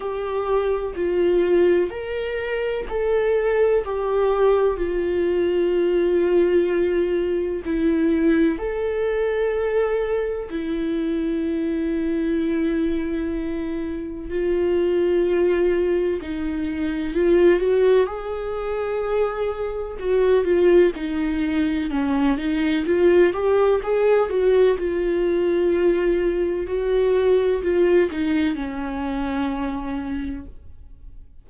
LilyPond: \new Staff \with { instrumentName = "viola" } { \time 4/4 \tempo 4 = 63 g'4 f'4 ais'4 a'4 | g'4 f'2. | e'4 a'2 e'4~ | e'2. f'4~ |
f'4 dis'4 f'8 fis'8 gis'4~ | gis'4 fis'8 f'8 dis'4 cis'8 dis'8 | f'8 g'8 gis'8 fis'8 f'2 | fis'4 f'8 dis'8 cis'2 | }